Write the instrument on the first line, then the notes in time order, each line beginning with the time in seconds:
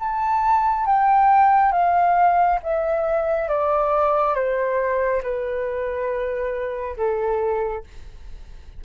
flute
0.00 A5
0.86 G5
1.73 F5
2.63 E5
3.49 D5
4.35 C5
5.23 B4
6.97 A4